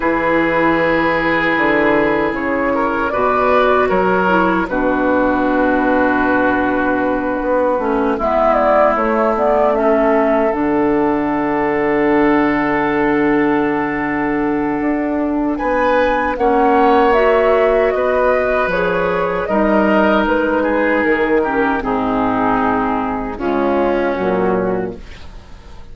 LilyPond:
<<
  \new Staff \with { instrumentName = "flute" } { \time 4/4 \tempo 4 = 77 b'2. cis''4 | d''4 cis''4 b'2~ | b'2~ b'8 e''8 d''8 cis''8 | d''8 e''4 fis''2~ fis''8~ |
fis''1 | gis''4 fis''4 e''4 dis''4 | cis''4 dis''4 b'4 ais'4 | gis'2 f'4 fis'4 | }
  \new Staff \with { instrumentName = "oboe" } { \time 4/4 gis'2.~ gis'8 ais'8 | b'4 ais'4 fis'2~ | fis'2~ fis'8 e'4.~ | e'8 a'2.~ a'8~ |
a'1 | b'4 cis''2 b'4~ | b'4 ais'4. gis'4 g'8 | dis'2 cis'2 | }
  \new Staff \with { instrumentName = "clarinet" } { \time 4/4 e'1 | fis'4. e'8 d'2~ | d'2 cis'8 b4 a8 | b8 cis'4 d'2~ d'8~ |
d'1~ | d'4 cis'4 fis'2 | gis'4 dis'2~ dis'8 cis'8 | c'2 gis4 fis4 | }
  \new Staff \with { instrumentName = "bassoon" } { \time 4/4 e2 d4 cis4 | b,4 fis4 b,2~ | b,4. b8 a8 gis4 a8~ | a4. d2~ d8~ |
d2. d'4 | b4 ais2 b4 | f4 g4 gis4 dis4 | gis,2 cis4 ais,4 | }
>>